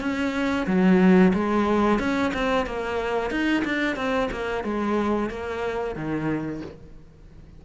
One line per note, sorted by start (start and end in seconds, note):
0.00 0.66 C#4
0.67 1.32 F#3
1.34 1.99 G#3
1.99 2.32 C#4
2.33 2.66 C4
2.66 3.30 A#3
3.30 3.63 D#4
3.64 3.96 D4
3.96 4.29 C4
4.31 4.64 A#3
4.64 5.30 G#3
5.30 5.95 A#3
5.95 6.61 D#3